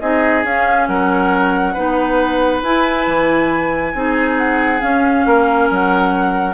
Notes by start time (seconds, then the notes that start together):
0.00 C4 D#4 G#4 D#5
0.44 C#4 F5
0.88 F#3 A#4 F#5
1.74 B3 D#4 B4
2.63 E4 G#5
3.07 E3
3.94 C4 D#4 G#4
4.37 F#5
4.80 C#4 F5
5.26 A#3 A#4
5.71 F#3 F#5